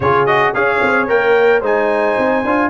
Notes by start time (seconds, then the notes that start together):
0.00 C#3 F4 G#4 C#5
0.26 F#4 D#5
0.53 C#4 G#4 C#5 F5
0.82 C4
1.07 A#3 A#4 G5
1.60 G#3 D#4 C5 G#5
2.18 C4
2.44 D4 F4